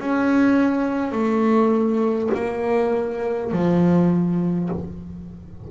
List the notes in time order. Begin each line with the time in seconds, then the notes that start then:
0.00 C#4
1.12 A3
2.34 A#3
3.52 F3